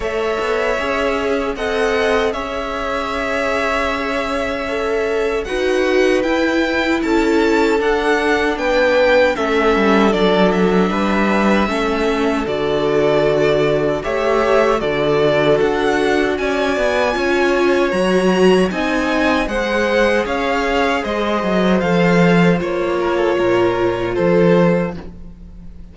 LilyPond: <<
  \new Staff \with { instrumentName = "violin" } { \time 4/4 \tempo 4 = 77 e''2 fis''4 e''4~ | e''2. fis''4 | g''4 a''4 fis''4 g''4 | e''4 d''8 e''2~ e''8 |
d''2 e''4 d''4 | fis''4 gis''2 ais''4 | gis''4 fis''4 f''4 dis''4 | f''4 cis''2 c''4 | }
  \new Staff \with { instrumentName = "violin" } { \time 4/4 cis''2 dis''4 cis''4~ | cis''2. b'4~ | b'4 a'2 b'4 | a'2 b'4 a'4~ |
a'2 cis''4 a'4~ | a'4 d''4 cis''2 | dis''4 c''4 cis''4 c''4~ | c''4. ais'16 a'16 ais'4 a'4 | }
  \new Staff \with { instrumentName = "viola" } { \time 4/4 a'4 gis'4 a'4 gis'4~ | gis'2 a'4 fis'4 | e'2 d'2 | cis'4 d'2 cis'4 |
fis'2 g'4 fis'4~ | fis'2 f'4 fis'4 | dis'4 gis'2. | a'4 f'2. | }
  \new Staff \with { instrumentName = "cello" } { \time 4/4 a8 b8 cis'4 c'4 cis'4~ | cis'2. dis'4 | e'4 cis'4 d'4 b4 | a8 g8 fis4 g4 a4 |
d2 a4 d4 | d'4 cis'8 b8 cis'4 fis4 | c'4 gis4 cis'4 gis8 fis8 | f4 ais4 ais,4 f4 | }
>>